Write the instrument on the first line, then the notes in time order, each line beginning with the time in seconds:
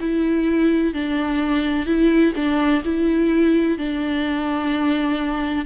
viola
0.00 E4
0.93 D4
1.86 E4
2.35 D4
2.84 E4
3.78 D4